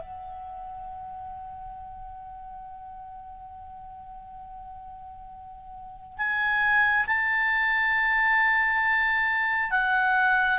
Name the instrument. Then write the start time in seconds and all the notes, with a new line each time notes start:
clarinet
0.00 F#5
6.18 G#5
7.07 A5
9.71 F#5